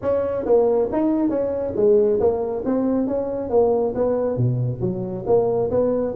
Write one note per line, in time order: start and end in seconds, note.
0.01 0.45 C#4
0.45 0.88 A#3
0.92 1.29 D#4
1.29 1.73 C#4
1.75 2.19 G#3
2.20 2.63 A#3
2.65 3.07 C4
3.07 3.49 C#4
3.49 3.93 A#3
3.95 4.36 B3
4.36 4.80 B2
4.81 5.24 F#3
5.26 5.70 A#3
5.70 6.14 B3